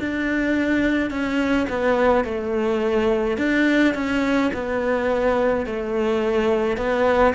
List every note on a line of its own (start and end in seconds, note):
0.00 1.11 D4
1.11 1.67 C#4
1.69 2.25 B3
2.25 3.38 A3
3.38 3.95 D4
3.95 4.52 C#4
4.54 5.67 B3
5.67 6.78 A3
6.78 7.34 B3